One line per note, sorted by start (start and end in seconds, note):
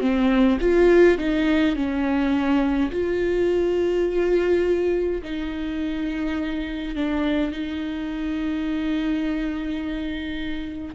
0.00 0.58 C4
0.60 1.18 F4
1.18 1.75 D#4
1.75 2.91 C#4
2.91 5.22 F4
5.22 6.95 D#4
6.95 7.52 D4
7.52 10.95 D#4